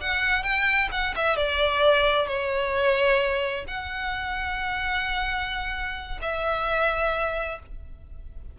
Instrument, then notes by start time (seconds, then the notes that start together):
violin
0.00 F#5
0.43 G5
0.91 F#5
1.15 E5
1.36 D5
2.27 C#5
3.67 F#5
6.21 E5